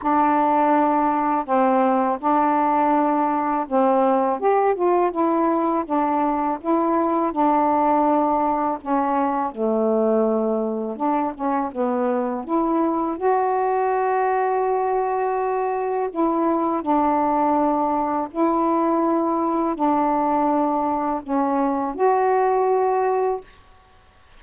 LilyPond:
\new Staff \with { instrumentName = "saxophone" } { \time 4/4 \tempo 4 = 82 d'2 c'4 d'4~ | d'4 c'4 g'8 f'8 e'4 | d'4 e'4 d'2 | cis'4 a2 d'8 cis'8 |
b4 e'4 fis'2~ | fis'2 e'4 d'4~ | d'4 e'2 d'4~ | d'4 cis'4 fis'2 | }